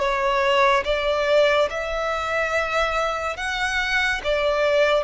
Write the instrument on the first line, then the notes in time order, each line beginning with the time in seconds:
violin
0.00 C#5
0.85 D5
1.70 E5
3.37 F#5
4.24 D5